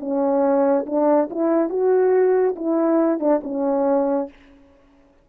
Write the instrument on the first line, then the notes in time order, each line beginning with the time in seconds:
horn
0.00 C#4
0.86 D4
1.31 E4
1.69 F#4
2.56 E4
3.20 D4
3.44 C#4